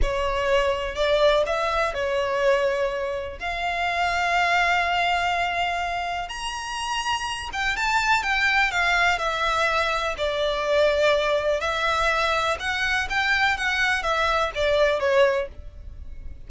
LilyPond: \new Staff \with { instrumentName = "violin" } { \time 4/4 \tempo 4 = 124 cis''2 d''4 e''4 | cis''2. f''4~ | f''1~ | f''4 ais''2~ ais''8 g''8 |
a''4 g''4 f''4 e''4~ | e''4 d''2. | e''2 fis''4 g''4 | fis''4 e''4 d''4 cis''4 | }